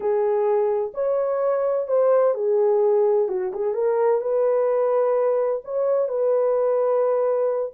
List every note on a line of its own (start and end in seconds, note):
0.00 0.91 G#4
0.94 1.87 C#5
1.87 2.34 C5
2.34 3.28 G#4
3.28 3.52 F#4
3.53 3.74 G#4
3.74 4.21 A#4
4.21 5.61 B4
5.64 6.08 C#5
6.08 7.72 B4